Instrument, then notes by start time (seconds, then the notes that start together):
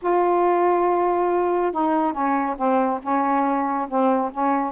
saxophone
0.02 F4
1.71 D#4
2.13 C#4
2.57 C4
3.02 C#4
3.88 C4
4.31 C#4